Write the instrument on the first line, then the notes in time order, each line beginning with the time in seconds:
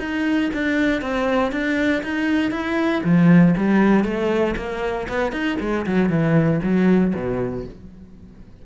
cello
0.00 D#4
0.54 D4
1.02 C4
1.52 D4
2.03 D#4
2.52 E4
3.04 F3
3.57 G3
4.04 A3
4.57 A#3
5.09 B3
5.33 D#4
5.61 G#3
5.87 F#3
6.10 E3
6.63 F#3
7.15 B2